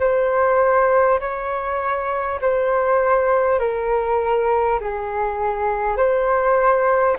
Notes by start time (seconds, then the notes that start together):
0.00 C5
1.21 C#5
2.41 C5
3.59 A#4
4.81 G#4
5.97 C5